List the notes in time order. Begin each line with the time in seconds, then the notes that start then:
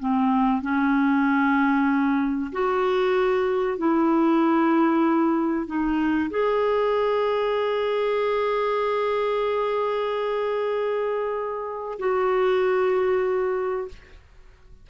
0.00 C4
0.62 C#4
2.52 F#4
3.78 E4
5.67 D#4
6.30 G#4
11.99 F#4